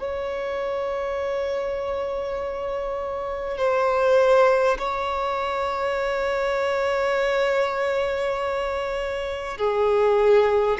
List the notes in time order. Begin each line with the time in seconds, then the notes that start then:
0.00 C#5
3.58 C5
4.79 C#5
9.58 G#4